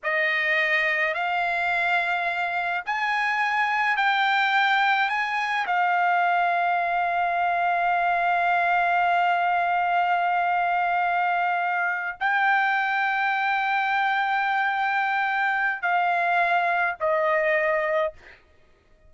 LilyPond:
\new Staff \with { instrumentName = "trumpet" } { \time 4/4 \tempo 4 = 106 dis''2 f''2~ | f''4 gis''2 g''4~ | g''4 gis''4 f''2~ | f''1~ |
f''1~ | f''4. g''2~ g''8~ | g''1 | f''2 dis''2 | }